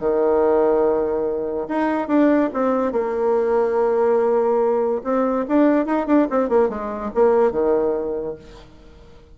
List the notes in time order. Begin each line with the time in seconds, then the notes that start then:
0.00 D#3
1.68 D#4
2.08 D4
2.54 C4
2.93 A#3
5.04 C4
5.49 D4
5.86 D#4
6.07 D4
6.31 C4
6.49 A#3
6.69 G#3
7.15 A#3
7.52 D#3